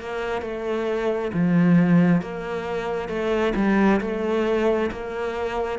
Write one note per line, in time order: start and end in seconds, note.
0.00 0.42 A#3
0.42 1.31 A3
1.34 2.21 F3
2.21 3.09 A#3
3.09 3.53 A3
3.55 4.00 G3
4.01 4.90 A3
4.91 5.79 A#3